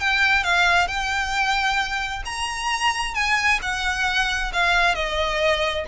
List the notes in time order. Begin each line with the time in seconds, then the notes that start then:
0.00 G5
0.44 F5
0.88 G5
2.25 A#5
3.15 G#5
3.62 F#5
4.53 F5
4.95 D#5